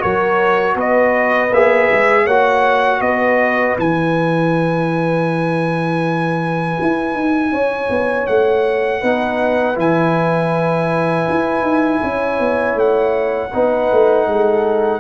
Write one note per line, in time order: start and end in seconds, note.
0.00 0.76 F#3
0.00 1.50 F#4
0.00 0.76 A#4
0.00 0.77 C#5
0.76 1.51 B3
0.76 2.24 B4
0.76 1.54 D#5
1.51 1.89 A#3
1.51 2.29 G#4
1.51 2.27 E5
1.92 2.26 G#3
2.24 3.01 A#3
2.24 3.78 F#4
2.24 2.99 C#5
2.24 3.02 F#5
3.01 3.76 B3
3.01 7.52 B4
3.01 3.77 D#5
3.78 6.79 E3
3.78 9.03 E4
3.78 8.27 G#5
6.82 7.15 E4
7.15 7.52 D#4
7.52 7.89 C#4
7.52 9.01 C#5
7.90 8.28 B3
8.27 9.03 A3
8.27 9.77 F#5
9.01 9.78 B3
9.01 9.75 D#4
9.01 12.01 B4
9.75 11.28 E3
9.75 13.50 E4
9.75 12.79 G#5
11.30 11.62 E4
11.62 11.99 D#4
12.02 12.39 C#4
12.02 13.52 C#5
12.39 12.75 B3
12.75 13.50 A3
12.75 15.00 F#5
13.52 13.92 B3
13.52 15.00 D#4
13.52 14.27 B4
13.92 14.28 A3
14.28 15.00 G#3
14.28 15.00 A4